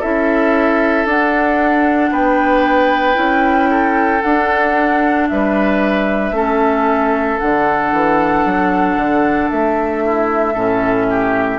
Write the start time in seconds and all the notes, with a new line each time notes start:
0.00 C#4 E4 A4 E5
1.06 D4 F#5
2.11 B3 B4 G5
3.14 C#4 E4
3.71 A4
4.22 D4 F#5
5.29 G3 B4 E5
6.31 A3 C#4 A4
7.39 D3 D4 F#5
7.93 E3
8.46 F#3
8.97 D3
9.50 A3 E5
10.05 E4
10.54 A2 C#4 A4
11.10 G4